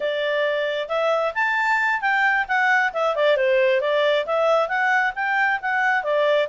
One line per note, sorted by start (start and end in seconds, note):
0.00 0.88 D5
0.88 1.33 E5
1.34 2.01 A5
2.01 2.45 G5
2.47 2.92 F#5
2.93 3.15 E5
3.15 3.36 D5
3.36 3.81 C5
3.81 4.25 D5
4.26 4.68 E5
4.68 5.13 F#5
5.15 5.59 G5
5.61 6.03 F#5
6.03 6.48 D5